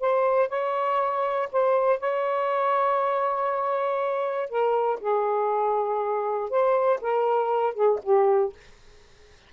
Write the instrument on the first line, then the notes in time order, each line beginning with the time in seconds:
saxophone
0.00 C5
0.49 C#5
1.52 C5
2.00 C#5
4.50 A#4
5.00 G#4
6.50 C5
7.01 A#4
7.74 G#4
8.03 G4